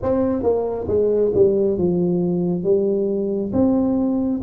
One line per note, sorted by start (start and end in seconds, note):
0.02 0.42 C4
0.42 0.86 A#3
0.87 1.32 G#3
1.34 1.77 G3
1.77 2.63 F3
2.63 3.51 G3
3.52 4.40 C4